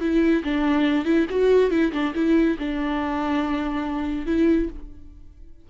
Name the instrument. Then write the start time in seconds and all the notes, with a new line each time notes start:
viola
0.00 E4
0.43 D4
1.05 E4
1.30 F#4
1.70 E4
1.92 D4
2.15 E4
2.58 D4
4.26 E4